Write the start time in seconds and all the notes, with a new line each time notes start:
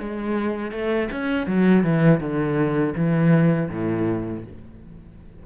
0.00 G#3
0.72 A3
1.12 C#4
1.47 F#3
1.84 E3
2.20 D3
2.96 E3
3.70 A2